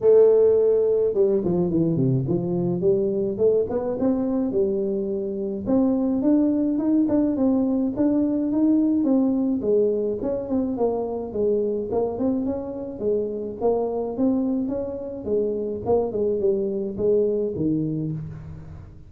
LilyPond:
\new Staff \with { instrumentName = "tuba" } { \time 4/4 \tempo 4 = 106 a2 g8 f8 e8 c8 | f4 g4 a8 b8 c'4 | g2 c'4 d'4 | dis'8 d'8 c'4 d'4 dis'4 |
c'4 gis4 cis'8 c'8 ais4 | gis4 ais8 c'8 cis'4 gis4 | ais4 c'4 cis'4 gis4 | ais8 gis8 g4 gis4 dis4 | }